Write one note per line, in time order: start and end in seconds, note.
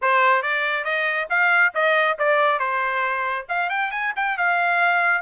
0.01 0.42 C5
0.42 0.84 D5
0.84 1.27 D#5
1.29 1.73 F5
1.74 2.17 D#5
2.18 2.59 D5
2.59 3.46 C5
3.48 3.69 F5
3.69 3.91 G5
3.91 4.13 G#5
4.15 4.37 G5
4.37 5.21 F5